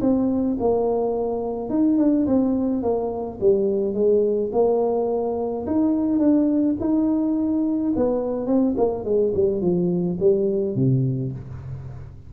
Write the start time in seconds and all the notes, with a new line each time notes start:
0.00 C4
0.59 A#3
1.69 D#4
1.97 D4
2.26 C4
2.82 A#3
3.40 G3
3.93 G#3
4.52 A#3
5.66 D#4
6.19 D4
6.80 D#4
7.96 B3
8.46 C4
8.77 A#3
9.04 G#3
9.34 G3
9.61 F3
10.19 G3
10.75 C3